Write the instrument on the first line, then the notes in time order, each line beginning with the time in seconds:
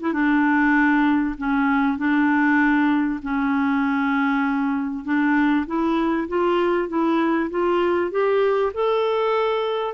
clarinet
0.00 E4
0.13 D4
1.38 C#4
1.98 D4
3.23 C#4
5.05 D4
5.67 E4
6.28 F4
6.88 E4
7.50 F4
8.11 G4
8.74 A4